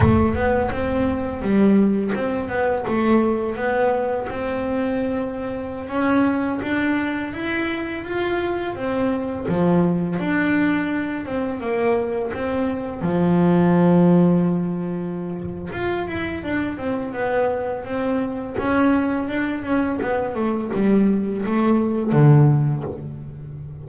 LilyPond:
\new Staff \with { instrumentName = "double bass" } { \time 4/4 \tempo 4 = 84 a8 b8 c'4 g4 c'8 b8 | a4 b4 c'2~ | c'16 cis'4 d'4 e'4 f'8.~ | f'16 c'4 f4 d'4. c'16~ |
c'16 ais4 c'4 f4.~ f16~ | f2 f'8 e'8 d'8 c'8 | b4 c'4 cis'4 d'8 cis'8 | b8 a8 g4 a4 d4 | }